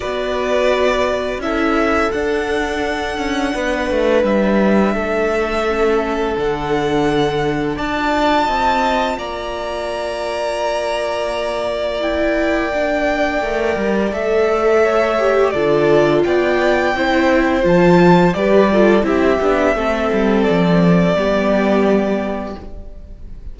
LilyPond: <<
  \new Staff \with { instrumentName = "violin" } { \time 4/4 \tempo 4 = 85 d''2 e''4 fis''4~ | fis''2 e''2~ | e''4 fis''2 a''4~ | a''4 ais''2.~ |
ais''4 g''2. | e''2 d''4 g''4~ | g''4 a''4 d''4 e''4~ | e''4 d''2. | }
  \new Staff \with { instrumentName = "violin" } { \time 4/4 b'2 a'2~ | a'4 b'2 a'4~ | a'2. d''4 | dis''4 d''2.~ |
d''1~ | d''4 cis''4 a'4 d''4 | c''2 b'8 a'8 g'4 | a'2 g'2 | }
  \new Staff \with { instrumentName = "viola" } { \time 4/4 fis'2 e'4 d'4~ | d'1 | cis'4 d'2~ d'16 f'8.~ | f'1~ |
f'4 e'4 d'4 ais'4 | a'4. g'8 f'2 | e'4 f'4 g'8 f'8 e'8 d'8 | c'2 b2 | }
  \new Staff \with { instrumentName = "cello" } { \time 4/4 b2 cis'4 d'4~ | d'8 cis'8 b8 a8 g4 a4~ | a4 d2 d'4 | c'4 ais2.~ |
ais2. a8 g8 | a2 d4 b4 | c'4 f4 g4 c'8 b8 | a8 g8 f4 g2 | }
>>